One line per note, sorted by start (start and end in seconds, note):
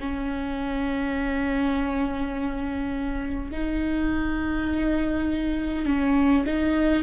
0.00 3.51 C#4
3.51 5.86 D#4
5.86 6.45 C#4
6.46 7.03 D#4